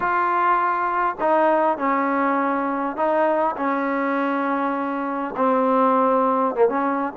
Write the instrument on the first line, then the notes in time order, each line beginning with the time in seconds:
trombone
0.00 F4
1.20 D#4
1.77 C#4
2.96 D#4
3.56 C#4
5.36 C4
6.55 A#3
6.68 C#4